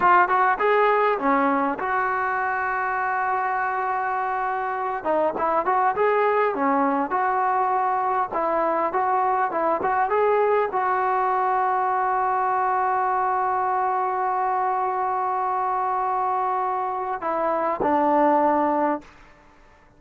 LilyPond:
\new Staff \with { instrumentName = "trombone" } { \time 4/4 \tempo 4 = 101 f'8 fis'8 gis'4 cis'4 fis'4~ | fis'1~ | fis'8 dis'8 e'8 fis'8 gis'4 cis'4 | fis'2 e'4 fis'4 |
e'8 fis'8 gis'4 fis'2~ | fis'1~ | fis'1~ | fis'4 e'4 d'2 | }